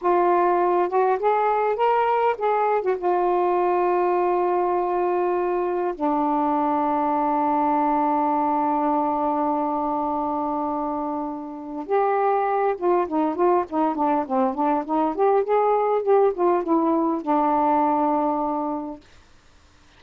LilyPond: \new Staff \with { instrumentName = "saxophone" } { \time 4/4 \tempo 4 = 101 f'4. fis'8 gis'4 ais'4 | gis'8. fis'16 f'2.~ | f'2 d'2~ | d'1~ |
d'1 | g'4. f'8 dis'8 f'8 dis'8 d'8 | c'8 d'8 dis'8 g'8 gis'4 g'8 f'8 | e'4 d'2. | }